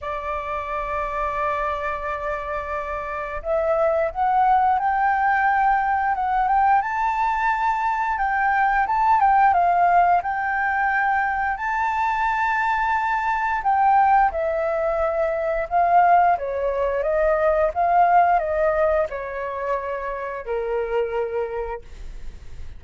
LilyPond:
\new Staff \with { instrumentName = "flute" } { \time 4/4 \tempo 4 = 88 d''1~ | d''4 e''4 fis''4 g''4~ | g''4 fis''8 g''8 a''2 | g''4 a''8 g''8 f''4 g''4~ |
g''4 a''2. | g''4 e''2 f''4 | cis''4 dis''4 f''4 dis''4 | cis''2 ais'2 | }